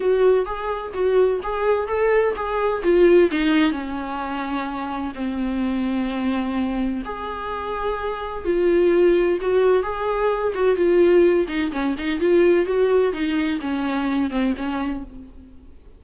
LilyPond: \new Staff \with { instrumentName = "viola" } { \time 4/4 \tempo 4 = 128 fis'4 gis'4 fis'4 gis'4 | a'4 gis'4 f'4 dis'4 | cis'2. c'4~ | c'2. gis'4~ |
gis'2 f'2 | fis'4 gis'4. fis'8 f'4~ | f'8 dis'8 cis'8 dis'8 f'4 fis'4 | dis'4 cis'4. c'8 cis'4 | }